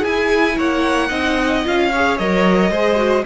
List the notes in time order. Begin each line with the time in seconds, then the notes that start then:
0.00 E4 G#4 G#5
0.57 A#3 C#5 F#5
1.08 C4 D#4 D#5
1.64 C#4 F4 F5
1.91 G#4 C#5
2.17 F#3 A#4 D#5
2.70 G#3 G#4 C5
2.96 F#4